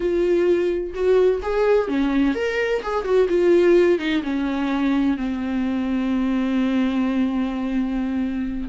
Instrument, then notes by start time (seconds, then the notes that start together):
viola
0.00 F4
0.94 F#4
1.42 G#4
1.87 C#4
2.35 A#4
2.82 G#4
3.04 F#4
3.29 F4
3.98 D#4
4.23 C#4
5.17 C4